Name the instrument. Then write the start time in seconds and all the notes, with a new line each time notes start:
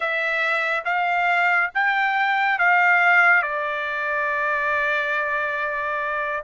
trumpet
0.00 E5
0.85 F5
1.74 G5
2.59 F5
3.42 D5